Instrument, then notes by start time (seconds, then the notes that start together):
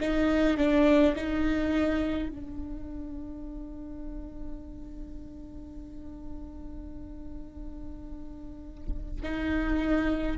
viola
0.00 D#4
0.57 D4
1.16 D#4
2.29 D4
9.23 D#4